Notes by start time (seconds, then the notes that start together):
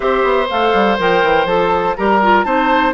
0.00 C4 G4 C5 E5
0.23 B3
0.49 A3 A4 F5
0.73 G3
0.98 F3 A#4 G5
1.23 E3
1.45 F3 A4 A5
1.96 G3 G4 A#4 A#5
2.22 F4
2.43 C4 D#4 C5 A5